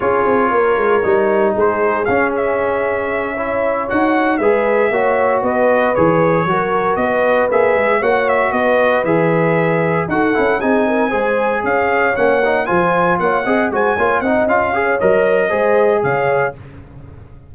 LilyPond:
<<
  \new Staff \with { instrumentName = "trumpet" } { \time 4/4 \tempo 4 = 116 cis''2. c''4 | f''8 e''2. fis''8~ | fis''8 e''2 dis''4 cis''8~ | cis''4. dis''4 e''4 fis''8 |
e''8 dis''4 e''2 fis''8~ | fis''8 gis''2 f''4 fis''8~ | fis''8 gis''4 fis''4 gis''4 fis''8 | f''4 dis''2 f''4 | }
  \new Staff \with { instrumentName = "horn" } { \time 4/4 gis'4 ais'2 gis'4~ | gis'2~ gis'8 cis''4.~ | cis''8 b'4 cis''4 b'4.~ | b'8 ais'4 b'2 cis''8~ |
cis''8 b'2. a'8~ | a'8 gis'8 ais'8 c''4 cis''4.~ | cis''8 c''4 cis''8 dis''8 c''8 cis''8 dis''8~ | dis''8 cis''4. c''4 cis''4 | }
  \new Staff \with { instrumentName = "trombone" } { \time 4/4 f'2 dis'2 | cis'2~ cis'8 e'4 fis'8~ | fis'8 gis'4 fis'2 gis'8~ | gis'8 fis'2 gis'4 fis'8~ |
fis'4. gis'2 fis'8 | e'8 dis'4 gis'2 cis'8 | dis'8 f'4. gis'8 fis'8 f'8 dis'8 | f'8 gis'8 ais'4 gis'2 | }
  \new Staff \with { instrumentName = "tuba" } { \time 4/4 cis'8 c'8 ais8 gis8 g4 gis4 | cis'2.~ cis'8 dis'8~ | dis'8 gis4 ais4 b4 e8~ | e8 fis4 b4 ais8 gis8 ais8~ |
ais8 b4 e2 dis'8 | cis'8 c'4 gis4 cis'4 ais8~ | ais8 f4 ais8 c'8 gis8 ais8 c'8 | cis'4 fis4 gis4 cis4 | }
>>